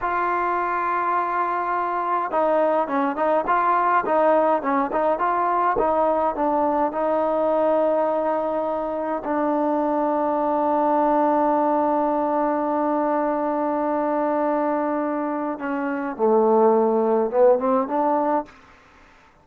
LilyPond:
\new Staff \with { instrumentName = "trombone" } { \time 4/4 \tempo 4 = 104 f'1 | dis'4 cis'8 dis'8 f'4 dis'4 | cis'8 dis'8 f'4 dis'4 d'4 | dis'1 |
d'1~ | d'1~ | d'2. cis'4 | a2 b8 c'8 d'4 | }